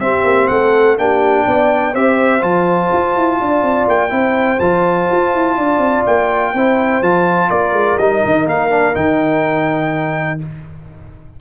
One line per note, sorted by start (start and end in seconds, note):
0.00 0.24 C4
0.00 0.97 C4
0.00 0.51 G4
0.00 0.47 E5
0.24 0.48 A#3
0.47 0.98 A3
0.47 0.99 A4
0.47 0.96 F#5
0.97 1.46 A#3
0.97 1.94 D4
0.97 1.45 G4
0.97 1.95 G5
1.45 1.94 B3
1.45 1.93 D5
1.93 2.42 C4
1.93 2.41 G4
1.93 3.38 C5
1.93 2.42 E5
2.41 2.91 F3
2.41 4.09 F4
2.41 3.88 A5
2.93 3.16 F4
3.16 3.40 E4
3.41 3.62 D4
3.41 4.13 D5
3.62 3.86 C4
3.87 4.11 A#3
3.87 4.59 G5
4.09 4.59 C4
4.09 4.57 E4
4.09 5.57 C5
4.59 5.08 F3
4.59 6.55 F4
4.59 6.04 A5
5.11 5.34 F4
5.34 5.57 E4
5.57 5.78 D4
5.57 6.53 D5
5.78 6.02 C4
6.06 6.54 A#3
6.06 7.03 G5
6.53 7.01 C4
6.53 7.02 E4
6.53 7.49 C5
7.01 7.50 F3
7.01 7.99 F4
7.01 7.50 A5
7.49 7.72 A#3
7.49 10.40 A#4
7.49 7.98 D5
7.72 7.96 G#3
7.98 8.22 G3
7.98 8.70 D#4
7.98 8.46 D#5
8.25 8.46 D#3
8.46 8.94 A#3
8.46 8.95 F5
8.70 8.93 D4
8.93 10.40 D#3
8.93 10.39 D#4
8.93 10.40 G5